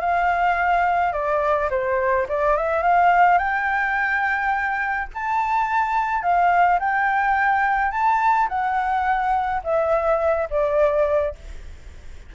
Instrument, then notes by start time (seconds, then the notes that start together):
flute
0.00 F5
1.12 D5
1.70 C5
2.28 D5
2.56 E5
2.82 F5
3.38 G5
5.14 A5
6.22 F5
6.79 G5
7.91 A5
8.48 F#5
9.64 E5
10.50 D5